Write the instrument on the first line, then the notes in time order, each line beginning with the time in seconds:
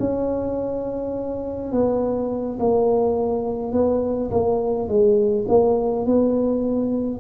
tuba
0.00 C#4
1.73 B3
2.60 A#3
3.73 B3
4.31 A#3
4.89 G#3
5.49 A#3
6.06 B3